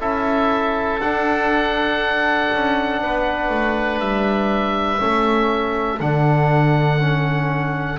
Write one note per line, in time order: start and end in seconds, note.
0.00 1.00 C#4
0.00 1.01 E4
0.00 3.01 A4
0.00 1.01 E5
1.00 2.50 D4
1.00 4.99 D4
1.00 4.01 F#5
2.54 3.01 C#4
3.01 3.50 B3
3.01 5.02 B4
3.50 4.00 A3
4.00 5.00 G3
4.00 6.00 E5
4.99 6.00 A3
4.99 5.99 C#4
4.99 7.99 A4
6.00 7.99 D3
6.00 7.00 D4
6.00 7.99 F#5
7.00 7.99 C#4